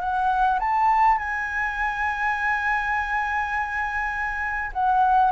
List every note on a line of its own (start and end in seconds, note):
0.00 0.59 F#5
0.59 1.18 A5
1.18 4.71 G#5
4.73 5.32 F#5